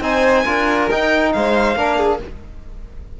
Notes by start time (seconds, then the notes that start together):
0.00 C4 D#4 C5 G#5
0.44 D4 F4 A#4
0.89 D#4 G5
1.32 G#3 C5 F5
1.75 A#3 D4 A#4
1.97 G#4